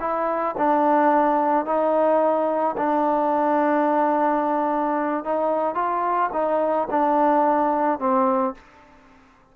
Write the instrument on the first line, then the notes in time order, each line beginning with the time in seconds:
trombone
0.00 E4
0.58 D4
1.66 D#4
2.77 D4
5.25 D#4
5.75 F4
6.33 D#4
6.90 D4
7.99 C4